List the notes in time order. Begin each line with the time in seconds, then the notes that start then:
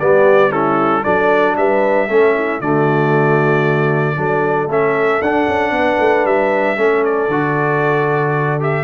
0.00 G3 B3 G4 D5
0.50 C#4 E4 A4
1.03 F#3 D4 A4 D5
1.57 G3 B4 E5
2.08 A3 C#4 A4
2.35 E4
2.61 D3 A3 F#4 D5
4.17 F#3 D4 A4
4.67 A3 C#4 E5
5.21 D4 F#5
5.48 C#4
5.71 B3 B4
6.00 A3
6.25 G3 E5
6.77 A3 C#4 A4
7.05 D5
7.28 D3 F#4
8.60 G4 E5